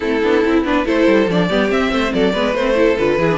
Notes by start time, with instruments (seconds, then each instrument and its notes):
0.00 cello A3, viola C4, violin E4 A4
0.23 cello B3, viola D4
0.44 cello C4, viola E4
0.64 cello B3, viola D4, violin B4
0.84 cello A3, viola E4, violin A4 C5
1.06 cello G3
1.27 cello F3, viola D4, violin D5
1.49 cello G3, viola B3, violin G4
1.68 viola C4, cello C4, violin E5
1.91 cello A3, violin C5
2.13 cello F#3, violin A4 D5
2.32 cello G#3, viola B3, violin B4
2.54 cello A3, viola C4, violin C5
2.74 viola E4, violin A4
2.97 cello D3, viola F4, violin B4
3.18 cello E3, viola E4, violin G#4
3.31 viola D4